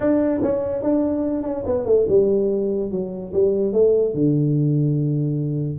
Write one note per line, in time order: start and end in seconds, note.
0.00 0.41 D4
0.43 0.82 C#4
0.82 1.43 D4
1.43 1.63 C#4
1.66 1.85 B3
1.85 2.06 A3
2.08 2.91 G3
2.91 3.32 F#3
3.33 3.72 G3
3.72 4.14 A3
4.14 5.78 D3